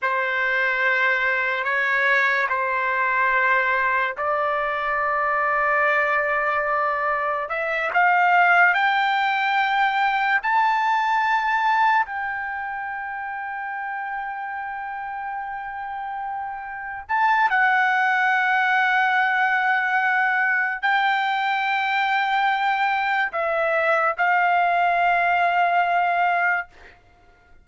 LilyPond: \new Staff \with { instrumentName = "trumpet" } { \time 4/4 \tempo 4 = 72 c''2 cis''4 c''4~ | c''4 d''2.~ | d''4 e''8 f''4 g''4.~ | g''8 a''2 g''4.~ |
g''1~ | g''8 a''8 fis''2.~ | fis''4 g''2. | e''4 f''2. | }